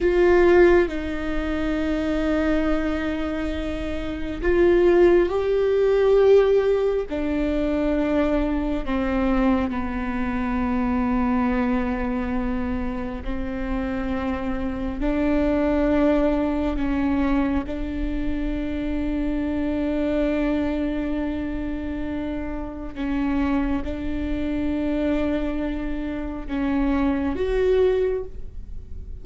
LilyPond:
\new Staff \with { instrumentName = "viola" } { \time 4/4 \tempo 4 = 68 f'4 dis'2.~ | dis'4 f'4 g'2 | d'2 c'4 b4~ | b2. c'4~ |
c'4 d'2 cis'4 | d'1~ | d'2 cis'4 d'4~ | d'2 cis'4 fis'4 | }